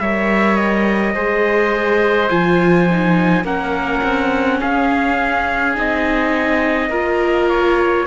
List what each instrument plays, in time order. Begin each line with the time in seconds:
0.00 cello G3, viola A#4, oboe C#5, trumpet E5
0.56 trumpet D#5
1.14 cello G#3, viola G#4, oboe C5
2.30 cello F3, viola F4, trumpet G#5
2.91 viola D#4
3.44 cello A#3, viola C#4, oboe A#4, trumpet F#5
4.03 cello C4
4.60 cello C#4, oboe G#4, trumpet F5
5.75 cello C4, viola D#4, trumpet D#5
6.90 cello A#3, viola F4, oboe A#4
7.50 trumpet C#5